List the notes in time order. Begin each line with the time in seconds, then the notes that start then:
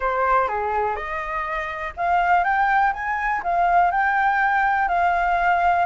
0.00 C5
0.48 G#4
0.95 D#5
1.96 F5
2.43 G5
2.93 G#5
3.43 F5
3.91 G5
4.88 F5